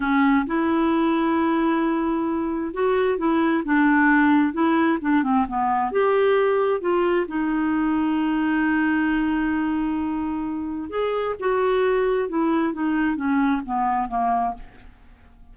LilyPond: \new Staff \with { instrumentName = "clarinet" } { \time 4/4 \tempo 4 = 132 cis'4 e'2.~ | e'2 fis'4 e'4 | d'2 e'4 d'8 c'8 | b4 g'2 f'4 |
dis'1~ | dis'1 | gis'4 fis'2 e'4 | dis'4 cis'4 b4 ais4 | }